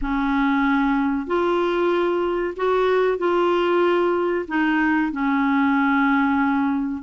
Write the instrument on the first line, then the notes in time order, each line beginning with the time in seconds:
clarinet
0.01 C#4
1.26 F4
2.56 F#4
3.17 F4
4.48 D#4
5.12 C#4